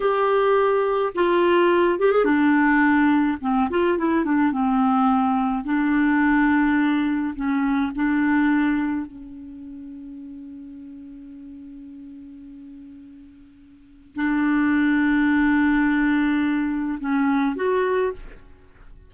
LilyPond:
\new Staff \with { instrumentName = "clarinet" } { \time 4/4 \tempo 4 = 106 g'2 f'4. g'16 gis'16 | d'2 c'8 f'8 e'8 d'8 | c'2 d'2~ | d'4 cis'4 d'2 |
cis'1~ | cis'1~ | cis'4 d'2.~ | d'2 cis'4 fis'4 | }